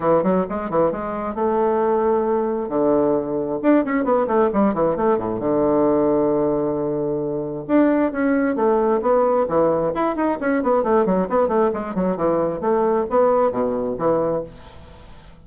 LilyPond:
\new Staff \with { instrumentName = "bassoon" } { \time 4/4 \tempo 4 = 133 e8 fis8 gis8 e8 gis4 a4~ | a2 d2 | d'8 cis'8 b8 a8 g8 e8 a8 a,8 | d1~ |
d4 d'4 cis'4 a4 | b4 e4 e'8 dis'8 cis'8 b8 | a8 fis8 b8 a8 gis8 fis8 e4 | a4 b4 b,4 e4 | }